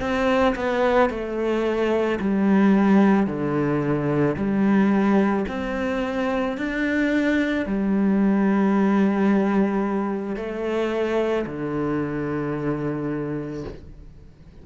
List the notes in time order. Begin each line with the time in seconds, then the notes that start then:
0.00 C4
0.55 B3
1.10 A3
2.20 G3
3.26 D3
4.36 G3
5.48 C4
6.58 D4
7.66 G3
10.36 A3
11.46 D3